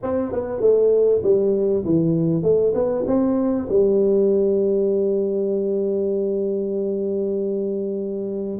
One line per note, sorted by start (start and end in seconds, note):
0.03 0.32 C4
0.32 0.60 B3
0.60 1.22 A3
1.23 1.84 G3
1.85 2.42 E3
2.42 2.73 A3
2.74 3.04 B3
3.06 3.68 C4
3.69 8.59 G3